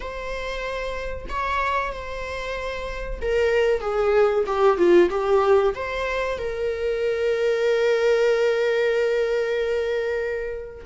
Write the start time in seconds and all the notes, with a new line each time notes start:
0.00 C5
1.29 C#5
1.92 C5
3.21 A#4
3.80 G#4
4.46 G4
4.77 F4
5.09 G4
5.74 C5
6.38 A#4